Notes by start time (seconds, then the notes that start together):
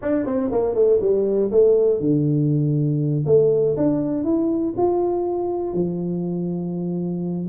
0.02 D4
0.25 C4
0.51 A#3
0.74 A3
1.00 G3
1.51 A3
2.00 D3
3.25 A3
3.76 D4
4.24 E4
4.77 F4
5.73 F3